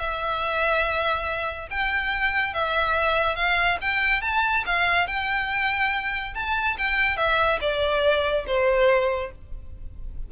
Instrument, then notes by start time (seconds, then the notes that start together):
violin
0.00 E5
1.71 G5
2.54 E5
3.36 F5
3.82 G5
4.22 A5
4.66 F5
5.07 G5
6.35 A5
6.78 G5
7.17 E5
7.61 D5
8.47 C5